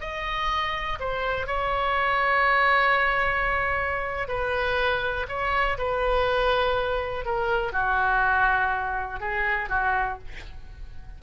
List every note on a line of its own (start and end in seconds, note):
0.00 0.98 D#5
0.99 1.47 C5
1.47 4.27 C#5
4.27 5.26 B4
5.28 5.77 C#5
5.78 7.25 B4
7.25 7.72 A#4
7.72 9.20 F#4
9.20 9.69 G#4
9.69 10.18 F#4